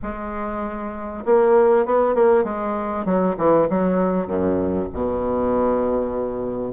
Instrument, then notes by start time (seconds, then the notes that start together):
bassoon
0.02 G#3
1.25 A#3
1.85 B3
2.14 A#3
2.44 G#3
3.05 F#3
3.37 E3
3.69 F#3
4.27 F#2
4.93 B2